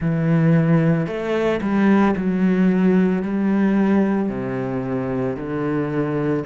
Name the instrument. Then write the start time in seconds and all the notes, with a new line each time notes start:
cello
0.00 E3
1.07 A3
1.61 G3
2.16 F#3
3.22 G3
4.29 C3
5.36 D3